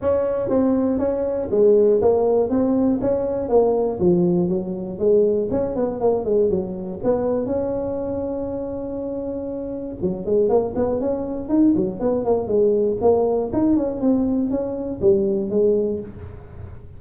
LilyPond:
\new Staff \with { instrumentName = "tuba" } { \time 4/4 \tempo 4 = 120 cis'4 c'4 cis'4 gis4 | ais4 c'4 cis'4 ais4 | f4 fis4 gis4 cis'8 b8 | ais8 gis8 fis4 b4 cis'4~ |
cis'1 | fis8 gis8 ais8 b8 cis'4 dis'8 fis8 | b8 ais8 gis4 ais4 dis'8 cis'8 | c'4 cis'4 g4 gis4 | }